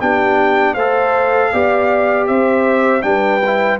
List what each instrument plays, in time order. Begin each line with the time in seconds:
0.00 tuba B3, trombone D4, horn G4, trumpet G5
0.74 tuba A3, trombone A4, horn C5, trumpet F5
1.53 tuba B3, trombone G4, horn D5
2.27 tuba C4, horn C5, trumpet E5
3.02 tuba G3, trombone D4, horn B4, trumpet G5
3.46 trombone E4